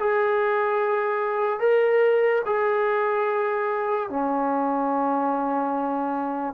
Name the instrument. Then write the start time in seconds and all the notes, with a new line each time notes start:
trombone
0.00 G#4
1.60 A#4
2.46 G#4
4.10 C#4